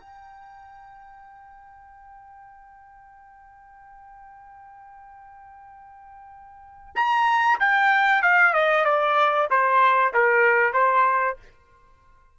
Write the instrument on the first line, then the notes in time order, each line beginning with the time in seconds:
trumpet
0.00 G5
6.96 A#5
7.60 G5
8.23 F5
8.54 D#5
8.85 D5
9.51 C5
10.14 A#4
10.73 C5